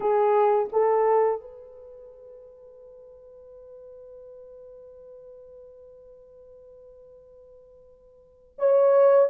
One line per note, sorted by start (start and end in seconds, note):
0.00 0.69 G#4
0.72 1.40 A4
1.40 8.55 B4
8.58 9.29 C#5